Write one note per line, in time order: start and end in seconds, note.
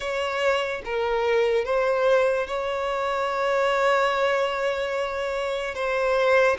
0.00 0.82 C#5
0.84 1.64 A#4
1.64 2.47 C5
2.47 5.75 C#5
5.75 6.57 C5